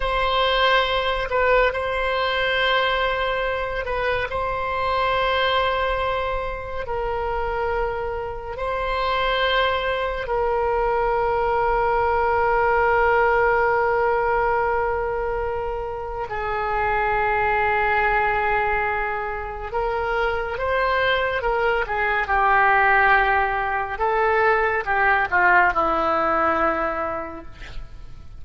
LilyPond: \new Staff \with { instrumentName = "oboe" } { \time 4/4 \tempo 4 = 70 c''4. b'8 c''2~ | c''8 b'8 c''2. | ais'2 c''2 | ais'1~ |
ais'2. gis'4~ | gis'2. ais'4 | c''4 ais'8 gis'8 g'2 | a'4 g'8 f'8 e'2 | }